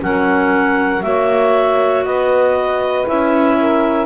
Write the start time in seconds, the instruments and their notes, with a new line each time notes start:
0.00 double bass F#3, clarinet C#4 F#5, saxophone A#4
1.02 double bass A#3, clarinet F#4 E5, saxophone C#5
2.04 double bass B3, saxophone B4, clarinet D#5
3.07 double bass C#4, clarinet E4 E5
3.60 saxophone A#4